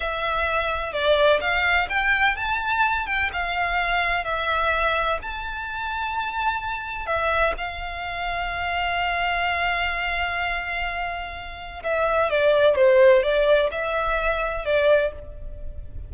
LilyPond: \new Staff \with { instrumentName = "violin" } { \time 4/4 \tempo 4 = 127 e''2 d''4 f''4 | g''4 a''4. g''8 f''4~ | f''4 e''2 a''4~ | a''2. e''4 |
f''1~ | f''1~ | f''4 e''4 d''4 c''4 | d''4 e''2 d''4 | }